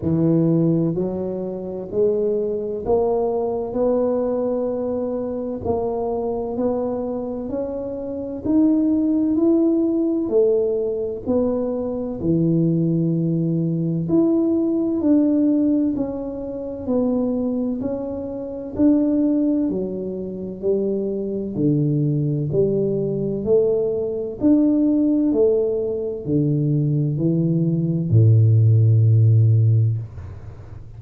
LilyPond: \new Staff \with { instrumentName = "tuba" } { \time 4/4 \tempo 4 = 64 e4 fis4 gis4 ais4 | b2 ais4 b4 | cis'4 dis'4 e'4 a4 | b4 e2 e'4 |
d'4 cis'4 b4 cis'4 | d'4 fis4 g4 d4 | g4 a4 d'4 a4 | d4 e4 a,2 | }